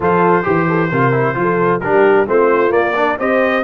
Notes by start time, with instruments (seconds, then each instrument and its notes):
0.00 tuba F3, trombone F4, horn A4, trumpet C5
0.43 tuba E3, trombone G4, horn G4
0.68 horn A4
0.91 tuba C3, trombone F4, horn A#4
1.12 trombone E4
1.34 tuba F3, trombone F4
1.41 horn A4
1.80 tuba G3, trombone D4, horn G4, trumpet A#4
2.26 tuba A3, trombone C4, horn F4, trumpet C5
2.69 trombone A#3, tuba A#3, trumpet D5
2.95 trombone D4, horn A#4
3.19 tuba C4, trombone G4, horn C5, trumpet D#5